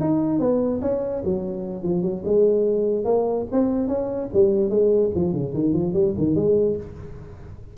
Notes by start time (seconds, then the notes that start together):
0.00 D#4
0.39 B3
0.81 C#4
1.24 F#3
1.83 F3
2.02 F#3
2.24 G#3
3.04 A#3
3.51 C4
3.87 C#4
4.33 G3
4.69 G#3
5.15 F3
5.32 C#3
5.53 D#3
5.73 F3
5.93 G3
6.17 D#3
6.35 G#3